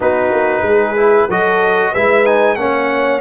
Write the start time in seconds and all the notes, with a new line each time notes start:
0.00 B3 D#4 F#4 B4
0.31 A#3
0.62 G#3 G#4
0.97 E4
1.28 F#3 F#4 A4 D#5
1.91 G#3 E4 B4 E5
2.25 D#4 G#5
2.55 A#3 C#4 C#5 F#5